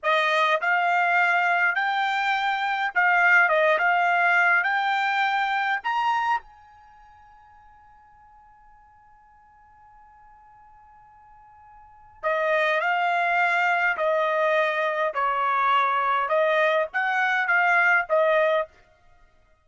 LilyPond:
\new Staff \with { instrumentName = "trumpet" } { \time 4/4 \tempo 4 = 103 dis''4 f''2 g''4~ | g''4 f''4 dis''8 f''4. | g''2 ais''4 gis''4~ | gis''1~ |
gis''1~ | gis''4 dis''4 f''2 | dis''2 cis''2 | dis''4 fis''4 f''4 dis''4 | }